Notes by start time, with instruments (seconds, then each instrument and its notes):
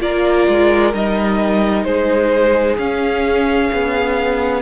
0.00 cello A#3, viola F4, violin A#4 D5
0.48 cello G#3
0.93 cello G3, viola D#4, violin D#5
1.84 cello G#3, violin G#4 C5
2.78 cello C#4, viola C#4, violin F5
3.73 cello B3